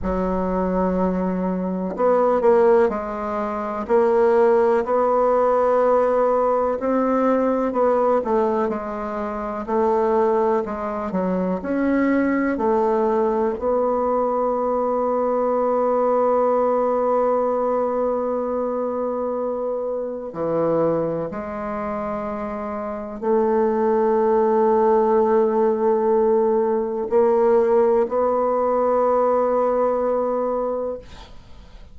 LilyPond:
\new Staff \with { instrumentName = "bassoon" } { \time 4/4 \tempo 4 = 62 fis2 b8 ais8 gis4 | ais4 b2 c'4 | b8 a8 gis4 a4 gis8 fis8 | cis'4 a4 b2~ |
b1~ | b4 e4 gis2 | a1 | ais4 b2. | }